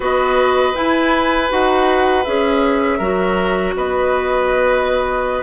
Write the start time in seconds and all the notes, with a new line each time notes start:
0.00 B3 F#4 B4 D#5
0.73 E4 G#5
1.49 D#4 F#4 F#5
2.24 C#4 G#4 E5
2.98 F#3 F#4 A#4
3.75 B3 B4 D#5